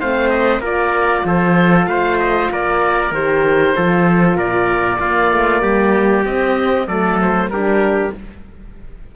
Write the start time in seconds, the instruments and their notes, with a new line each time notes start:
0.00 cello A3, horn C4, trumpet C5, oboe F5
0.30 oboe D#5
0.60 cello A#3, horn F4, trumpet A#4, oboe D5
1.25 cello F3, trumpet A4, oboe C5
1.87 cello A3, trumpet C5, oboe F5
2.20 oboe D#5
2.51 cello A#3, trumpet A#4, oboe D5
3.11 cello D#3, horn G4, oboe C5
3.76 cello F3, horn F4, trumpet A4
4.36 cello A#2, trumpet A#4, oboe D5
5.00 cello A#3, horn A#3, trumpet F4
5.31 cello A3
5.62 cello G3, trumpet G4
6.25 cello C4, horn C4, oboe D#5
6.87 cello F#3, horn A3, trumpet A4, oboe D5
7.21 oboe C5
7.48 cello G3, horn D4, trumpet G4, oboe A#4